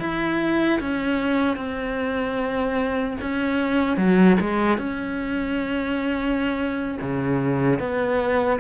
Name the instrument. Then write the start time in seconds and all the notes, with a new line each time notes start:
cello
0.00 E4
0.80 C#4
1.57 C4
3.21 C#4
3.97 F#3
4.40 G#3
4.78 C#4
7.01 C#3
7.80 B3